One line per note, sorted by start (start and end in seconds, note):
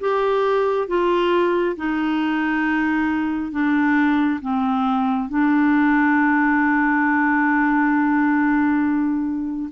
0.00 0.88 G4
0.88 1.76 F4
1.76 3.52 D#4
3.52 4.40 D4
4.41 5.29 C4
5.29 9.70 D4